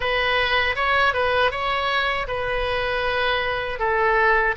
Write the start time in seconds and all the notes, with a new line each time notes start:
0.00 B4
0.75 C#5
1.13 B4
1.51 C#5
2.27 B4
3.79 A4